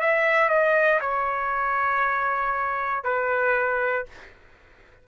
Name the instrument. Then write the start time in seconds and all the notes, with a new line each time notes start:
trumpet
0.00 E5
0.49 D#5
1.01 C#5
3.04 B4